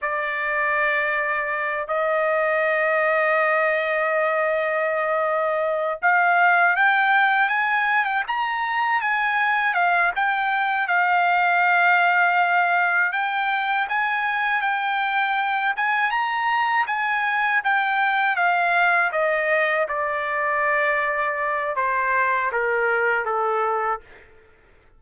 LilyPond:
\new Staff \with { instrumentName = "trumpet" } { \time 4/4 \tempo 4 = 80 d''2~ d''8 dis''4.~ | dis''1 | f''4 g''4 gis''8. g''16 ais''4 | gis''4 f''8 g''4 f''4.~ |
f''4. g''4 gis''4 g''8~ | g''4 gis''8 ais''4 gis''4 g''8~ | g''8 f''4 dis''4 d''4.~ | d''4 c''4 ais'4 a'4 | }